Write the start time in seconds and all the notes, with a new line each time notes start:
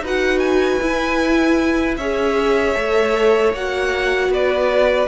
0.00 D#4 F#4 B4
0.07 F#5
0.40 G#5
0.81 E4
1.97 C#4 G#4 C#5 E5
2.76 A3 A4
3.53 A#3 F#4 F#5
4.30 B3 B4 D5